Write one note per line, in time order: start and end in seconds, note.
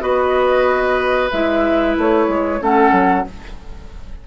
0.00 1.30 B3
0.00 1.29 F#4
0.00 2.61 B4
0.00 1.30 D#5
1.32 1.97 G#3
1.32 2.60 E4
1.32 1.96 E5
1.98 2.28 A3
1.98 2.62 C#5
2.28 2.60 G#3
2.60 2.92 A3
2.60 3.25 C#4
2.60 3.26 A4
2.60 3.27 F#5
2.92 3.24 F#3